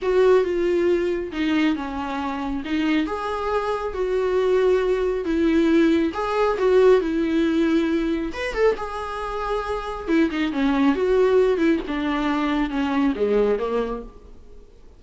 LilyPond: \new Staff \with { instrumentName = "viola" } { \time 4/4 \tempo 4 = 137 fis'4 f'2 dis'4 | cis'2 dis'4 gis'4~ | gis'4 fis'2. | e'2 gis'4 fis'4 |
e'2. b'8 a'8 | gis'2. e'8 dis'8 | cis'4 fis'4. e'8 d'4~ | d'4 cis'4 gis4 ais4 | }